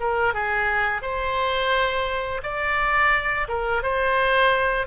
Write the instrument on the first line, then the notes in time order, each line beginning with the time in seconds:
oboe
0.00 A#4
0.34 G#4
1.02 C5
2.43 D5
3.48 A#4
3.83 C5